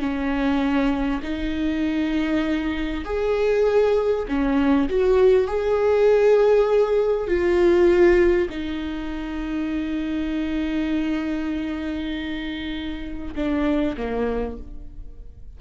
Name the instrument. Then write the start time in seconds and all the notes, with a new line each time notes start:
viola
0.00 C#4
1.23 D#4
3.05 G#4
4.28 C#4
4.89 F#4
5.48 G#4
7.28 F4
8.50 D#4
13.36 D4
13.97 A#3